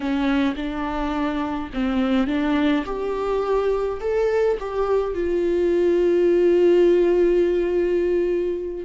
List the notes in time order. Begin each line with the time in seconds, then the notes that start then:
0.00 C#4
0.56 D4
1.73 C4
2.27 D4
2.85 G4
4.00 A4
4.59 G4
5.14 F4